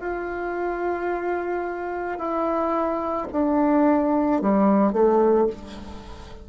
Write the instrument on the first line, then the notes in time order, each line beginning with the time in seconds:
bassoon
0.00 F4
2.18 E4
3.32 D4
4.42 G3
4.93 A3